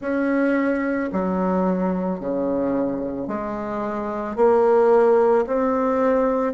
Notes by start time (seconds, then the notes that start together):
0.00 C#4
1.12 F#3
2.20 C#3
3.27 G#3
4.36 A#3
5.46 C4